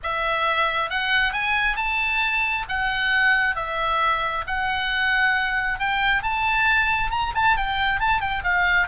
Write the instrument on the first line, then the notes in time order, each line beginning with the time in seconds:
oboe
0.03 E5
0.89 F#5
1.32 G#5
1.76 A5
2.68 F#5
3.55 E5
4.46 F#5
5.79 G5
6.22 A5
7.11 A#5
7.35 A5
7.57 G5
8.00 A5
8.20 G5
8.43 F5